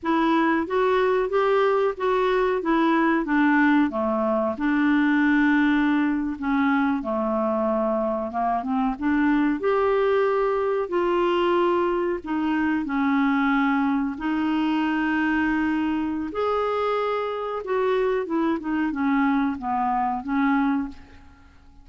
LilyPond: \new Staff \with { instrumentName = "clarinet" } { \time 4/4 \tempo 4 = 92 e'4 fis'4 g'4 fis'4 | e'4 d'4 a4 d'4~ | d'4.~ d'16 cis'4 a4~ a16~ | a8. ais8 c'8 d'4 g'4~ g'16~ |
g'8. f'2 dis'4 cis'16~ | cis'4.~ cis'16 dis'2~ dis'16~ | dis'4 gis'2 fis'4 | e'8 dis'8 cis'4 b4 cis'4 | }